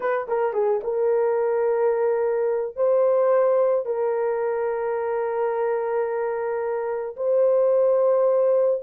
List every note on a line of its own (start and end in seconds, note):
0.00 0.27 B4
0.28 0.53 A#4
0.53 0.80 G#4
0.83 2.76 A#4
2.76 3.85 C5
3.85 7.16 A#4
7.16 8.81 C5